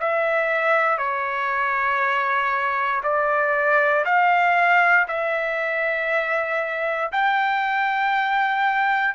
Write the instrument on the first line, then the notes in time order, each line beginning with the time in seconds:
trumpet
0.00 E5
0.98 C#5
3.03 D5
4.05 F5
5.08 E5
7.12 G5